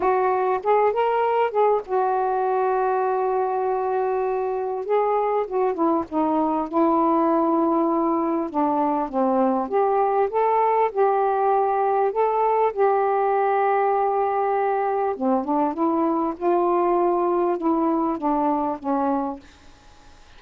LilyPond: \new Staff \with { instrumentName = "saxophone" } { \time 4/4 \tempo 4 = 99 fis'4 gis'8 ais'4 gis'8 fis'4~ | fis'1 | gis'4 fis'8 e'8 dis'4 e'4~ | e'2 d'4 c'4 |
g'4 a'4 g'2 | a'4 g'2.~ | g'4 c'8 d'8 e'4 f'4~ | f'4 e'4 d'4 cis'4 | }